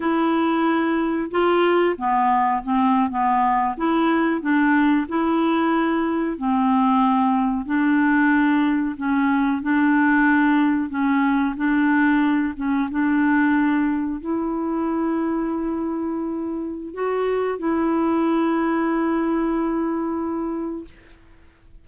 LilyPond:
\new Staff \with { instrumentName = "clarinet" } { \time 4/4 \tempo 4 = 92 e'2 f'4 b4 | c'8. b4 e'4 d'4 e'16~ | e'4.~ e'16 c'2 d'16~ | d'4.~ d'16 cis'4 d'4~ d'16~ |
d'8. cis'4 d'4. cis'8 d'16~ | d'4.~ d'16 e'2~ e'16~ | e'2 fis'4 e'4~ | e'1 | }